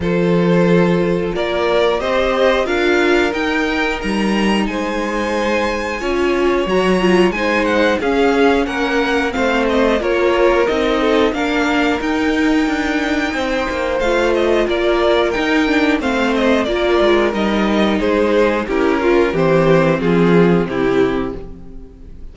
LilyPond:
<<
  \new Staff \with { instrumentName = "violin" } { \time 4/4 \tempo 4 = 90 c''2 d''4 dis''4 | f''4 g''4 ais''4 gis''4~ | gis''2 ais''4 gis''8 fis''8 | f''4 fis''4 f''8 dis''8 cis''4 |
dis''4 f''4 g''2~ | g''4 f''8 dis''8 d''4 g''4 | f''8 dis''8 d''4 dis''4 c''4 | ais'4 c''4 gis'4 g'4 | }
  \new Staff \with { instrumentName = "violin" } { \time 4/4 a'2 ais'4 c''4 | ais'2. c''4~ | c''4 cis''2 c''4 | gis'4 ais'4 c''4 ais'4~ |
ais'8 a'8 ais'2. | c''2 ais'2 | c''4 ais'2 gis'4 | g'8 f'8 g'4 f'4 e'4 | }
  \new Staff \with { instrumentName = "viola" } { \time 4/4 f'2. g'4 | f'4 dis'2.~ | dis'4 f'4 fis'8 f'8 dis'4 | cis'2 c'4 f'4 |
dis'4 d'4 dis'2~ | dis'4 f'2 dis'8 d'8 | c'4 f'4 dis'2 | e'8 f'8 c'2. | }
  \new Staff \with { instrumentName = "cello" } { \time 4/4 f2 ais4 c'4 | d'4 dis'4 g4 gis4~ | gis4 cis'4 fis4 gis4 | cis'4 ais4 a4 ais4 |
c'4 ais4 dis'4 d'4 | c'8 ais8 a4 ais4 dis'4 | a4 ais8 gis8 g4 gis4 | cis'4 e4 f4 c4 | }
>>